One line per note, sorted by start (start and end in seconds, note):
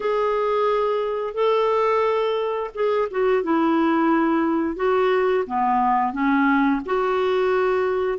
0.00 1.34 G#4
1.34 2.70 A4
2.74 3.08 G#4
3.11 3.43 F#4
3.43 4.76 E4
4.76 5.44 F#4
5.46 6.12 B3
6.12 6.80 C#4
6.85 8.18 F#4